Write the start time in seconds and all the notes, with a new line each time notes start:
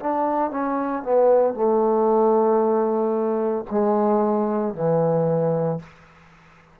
0.00 D4
0.51 C#4
1.03 B3
1.55 A3
3.71 G#3
4.75 E3